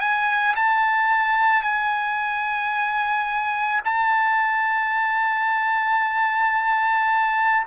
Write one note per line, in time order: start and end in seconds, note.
0.00 0.55 G#5
0.56 1.63 A5
1.63 3.81 G#5
3.84 7.66 A5